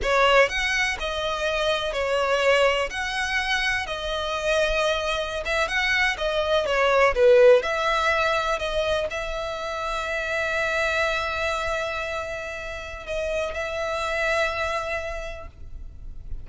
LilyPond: \new Staff \with { instrumentName = "violin" } { \time 4/4 \tempo 4 = 124 cis''4 fis''4 dis''2 | cis''2 fis''2 | dis''2.~ dis''16 e''8 fis''16~ | fis''8. dis''4 cis''4 b'4 e''16~ |
e''4.~ e''16 dis''4 e''4~ e''16~ | e''1~ | e''2. dis''4 | e''1 | }